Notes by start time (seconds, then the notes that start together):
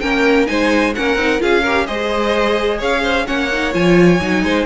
0.00 A#3 C#4 A#4 G5
0.47 G#3 D#4 C5 G#5
0.95 A#3 C#4 A#4 F#5
1.16 C4 D#4
1.39 C#4 F4 G#4 F5
1.62 G4 A#4
1.87 G#3 G#4 C5 D#5
2.79 C#4 C#5 F5
3.02 C5
3.26 A#3 C#4 C#5 F#5
3.52 D#4
3.73 F3 F4 G#5
4.21 F#3 D#4
4.44 G#3 C5